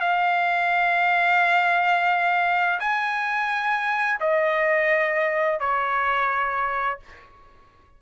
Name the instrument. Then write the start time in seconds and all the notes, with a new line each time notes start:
trumpet
0.00 F5
2.79 G#5
4.20 D#5
5.59 C#5